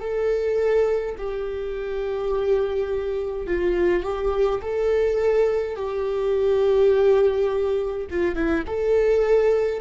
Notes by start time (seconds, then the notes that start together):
0.00 A4
1.17 G4
3.47 F4
4.03 G4
4.61 A4
5.76 G4
8.10 F4
8.35 E4
8.67 A4